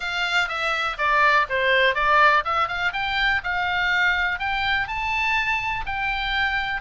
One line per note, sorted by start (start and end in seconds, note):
0.00 0.48 F5
0.48 0.97 E5
0.98 1.46 D5
1.49 1.94 C5
1.94 2.43 D5
2.44 2.68 E5
2.68 2.92 F5
2.92 3.41 G5
3.43 4.39 F5
4.39 4.87 G5
4.87 5.85 A5
5.86 6.81 G5